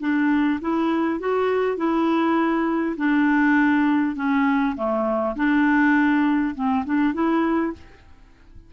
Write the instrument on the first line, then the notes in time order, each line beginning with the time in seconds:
clarinet
0.00 D4
0.61 E4
1.20 F#4
1.77 E4
2.97 D4
4.16 C#4
4.76 A3
5.36 D4
6.55 C4
6.85 D4
7.14 E4